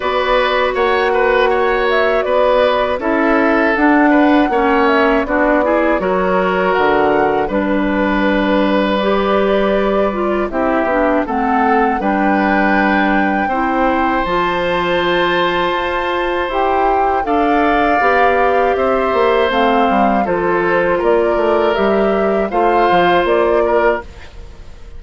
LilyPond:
<<
  \new Staff \with { instrumentName = "flute" } { \time 4/4 \tempo 4 = 80 d''4 fis''4. e''8 d''4 | e''4 fis''4. e''8 d''4 | cis''4 fis''4 b'2 | d''2 e''4 fis''4 |
g''2. a''4~ | a''2 g''4 f''4~ | f''4 e''4 f''4 c''4 | d''4 e''4 f''4 d''4 | }
  \new Staff \with { instrumentName = "oboe" } { \time 4/4 b'4 cis''8 b'8 cis''4 b'4 | a'4. b'8 cis''4 fis'8 gis'8 | ais'2 b'2~ | b'2 g'4 a'4 |
b'2 c''2~ | c''2. d''4~ | d''4 c''2 a'4 | ais'2 c''4. ais'8 | }
  \new Staff \with { instrumentName = "clarinet" } { \time 4/4 fis'1 | e'4 d'4 cis'4 d'8 e'8 | fis'2 d'2 | g'4. f'8 e'8 d'8 c'4 |
d'2 e'4 f'4~ | f'2 g'4 a'4 | g'2 c'4 f'4~ | f'4 g'4 f'2 | }
  \new Staff \with { instrumentName = "bassoon" } { \time 4/4 b4 ais2 b4 | cis'4 d'4 ais4 b4 | fis4 d4 g2~ | g2 c'8 b8 a4 |
g2 c'4 f4~ | f4 f'4 e'4 d'4 | b4 c'8 ais8 a8 g8 f4 | ais8 a8 g4 a8 f8 ais4 | }
>>